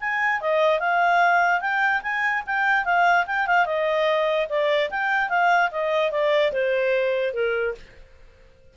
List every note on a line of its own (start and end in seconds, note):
0.00 0.41 G#5
0.41 0.80 D#5
0.80 1.60 F5
1.60 2.01 G5
2.02 2.43 G#5
2.46 2.85 G5
2.85 3.25 F5
3.26 3.47 G5
3.47 3.65 F5
3.65 4.47 D#5
4.49 4.90 D5
4.90 5.29 G5
5.29 5.70 F5
5.71 6.11 D#5
6.11 6.52 D5
6.52 7.34 C5
7.34 7.74 A#4